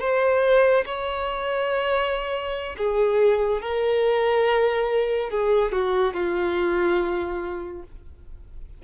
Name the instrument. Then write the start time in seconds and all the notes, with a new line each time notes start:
violin
0.00 C5
0.86 C#5
2.78 G#4
3.61 A#4
5.30 G#4
5.72 F#4
6.13 F4